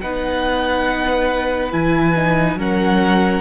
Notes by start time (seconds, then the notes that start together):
0.00 B3 D#4 B4 F#5
1.71 E3 E4 G#5
2.16 D#4
2.55 F#3 C#4 A#4
2.61 F#5